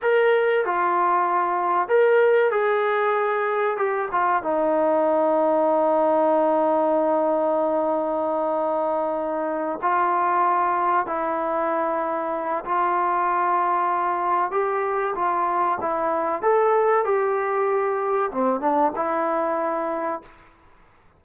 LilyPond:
\new Staff \with { instrumentName = "trombone" } { \time 4/4 \tempo 4 = 95 ais'4 f'2 ais'4 | gis'2 g'8 f'8 dis'4~ | dis'1~ | dis'2.~ dis'8 f'8~ |
f'4. e'2~ e'8 | f'2. g'4 | f'4 e'4 a'4 g'4~ | g'4 c'8 d'8 e'2 | }